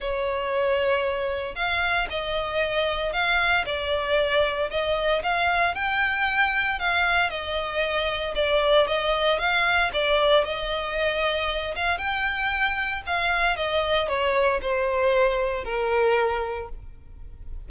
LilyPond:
\new Staff \with { instrumentName = "violin" } { \time 4/4 \tempo 4 = 115 cis''2. f''4 | dis''2 f''4 d''4~ | d''4 dis''4 f''4 g''4~ | g''4 f''4 dis''2 |
d''4 dis''4 f''4 d''4 | dis''2~ dis''8 f''8 g''4~ | g''4 f''4 dis''4 cis''4 | c''2 ais'2 | }